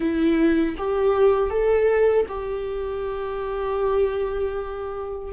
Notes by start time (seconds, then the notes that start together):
0.00 E4
0.77 G4
1.49 A4
2.28 G4